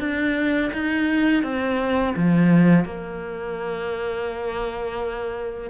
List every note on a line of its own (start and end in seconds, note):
0.00 0.71 D4
0.73 1.44 D#4
1.44 2.15 C4
2.16 2.85 F3
2.85 5.70 A#3